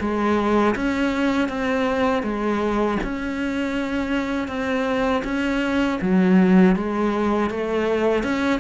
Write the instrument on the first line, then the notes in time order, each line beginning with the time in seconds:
cello
0.00 G#3
0.75 C#4
1.49 C4
2.23 G#3
3.03 C#4
4.48 C4
5.24 C#4
6.01 F#3
6.76 G#3
7.50 A3
8.23 C#4